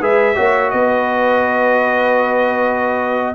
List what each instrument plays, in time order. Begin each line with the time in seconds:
0.00 tuba G#3, trombone G#4, horn B4, trumpet E5
0.35 tuba A#3, trombone F#4, horn C#5
0.70 tuba B3, horn B4, trumpet D#5